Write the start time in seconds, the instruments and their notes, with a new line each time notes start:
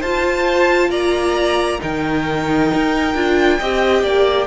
0.00 cello F4, viola F4, violin C5 A5
0.90 cello A#3, violin D5 A#5
1.79 cello D#3, viola D#4, violin A#4 G5
2.74 cello D#4
3.14 cello D4, viola F4
3.59 cello C4, viola G4, violin D#5
4.03 cello A#3, violin D5